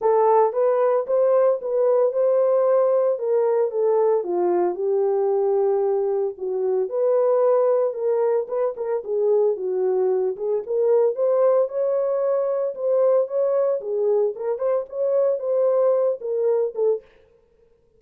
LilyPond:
\new Staff \with { instrumentName = "horn" } { \time 4/4 \tempo 4 = 113 a'4 b'4 c''4 b'4 | c''2 ais'4 a'4 | f'4 g'2. | fis'4 b'2 ais'4 |
b'8 ais'8 gis'4 fis'4. gis'8 | ais'4 c''4 cis''2 | c''4 cis''4 gis'4 ais'8 c''8 | cis''4 c''4. ais'4 a'8 | }